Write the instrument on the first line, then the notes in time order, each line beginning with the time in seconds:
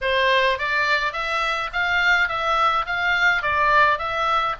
oboe
0.01 C5
0.58 D5
1.12 E5
1.72 F5
2.28 E5
2.86 F5
3.42 D5
3.98 E5